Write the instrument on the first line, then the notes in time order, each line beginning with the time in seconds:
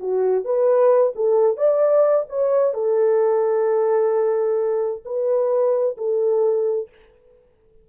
horn
0.00 F#4
0.45 B4
1.16 A4
1.57 D5
2.29 C#5
2.74 A4
5.05 B4
5.98 A4